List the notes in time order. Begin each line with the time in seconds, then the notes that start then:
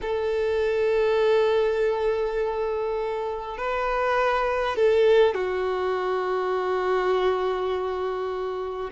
0.01 A4
3.57 B4
4.76 A4
5.34 F#4